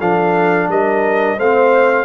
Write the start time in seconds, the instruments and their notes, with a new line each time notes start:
0.00 tuba F3, trombone D4, horn A4, trumpet F5
0.69 tuba G3, horn A#4, trumpet D#5
1.38 tuba A3, trombone C4, horn C5, trumpet F5